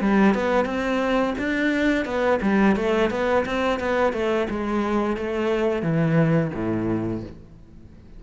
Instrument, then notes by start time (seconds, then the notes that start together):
cello
0.00 G3
0.34 B3
0.65 C4
1.38 D4
2.05 B3
2.42 G3
2.76 A3
3.10 B3
3.45 C4
3.79 B3
4.13 A3
4.50 G#3
5.17 A3
5.82 E3
6.54 A2